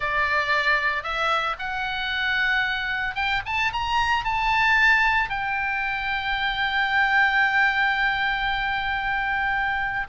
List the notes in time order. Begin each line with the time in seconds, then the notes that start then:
0.00 D5
1.03 E5
1.58 F#5
3.15 G5
3.45 A5
3.72 A#5
4.24 A5
5.29 G5